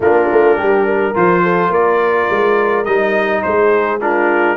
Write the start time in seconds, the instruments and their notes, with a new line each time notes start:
0.00 tuba A#3, trombone D4, horn F4, trumpet A#4
0.31 tuba A3
0.56 tuba G3, horn G4
0.85 horn A#4
1.14 tuba F3, trombone F4, trumpet C5
1.42 horn A4
1.69 tuba A#3, horn A#4, trumpet D5
2.30 tuba G#3
2.84 tuba G3, trombone D#4, trumpet D#5
3.42 tuba G#3, horn G#4, trumpet C5
4.00 trombone D4, horn F4, trumpet A#4